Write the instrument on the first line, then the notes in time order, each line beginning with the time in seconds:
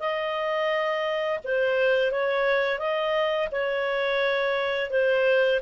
clarinet
0.00 D#5
1.44 C5
2.12 C#5
2.79 D#5
3.52 C#5
4.91 C5